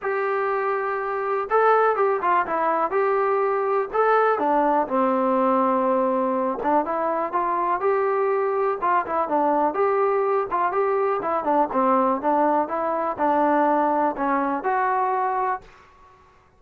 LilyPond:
\new Staff \with { instrumentName = "trombone" } { \time 4/4 \tempo 4 = 123 g'2. a'4 | g'8 f'8 e'4 g'2 | a'4 d'4 c'2~ | c'4. d'8 e'4 f'4 |
g'2 f'8 e'8 d'4 | g'4. f'8 g'4 e'8 d'8 | c'4 d'4 e'4 d'4~ | d'4 cis'4 fis'2 | }